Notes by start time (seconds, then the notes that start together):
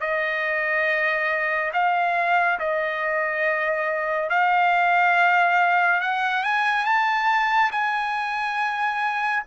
0.00 D#5
1.73 F5
2.59 D#5
4.29 F5
6.00 F#5
6.43 G#5
6.85 A5
7.71 G#5